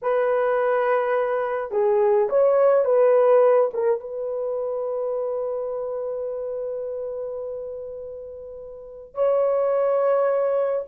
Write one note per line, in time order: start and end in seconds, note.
0.02 1.71 B4
1.71 2.28 G#4
2.29 2.84 C#5
2.84 3.70 B4
3.73 4.00 A#4
4.00 9.14 B4
9.14 10.85 C#5